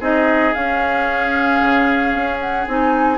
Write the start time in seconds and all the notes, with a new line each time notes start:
0.00 C4 D#4 G#4 D#5
0.53 C#4 F5
1.61 C#3
2.13 C#4
2.40 F#5
2.68 C4 D#4 G#5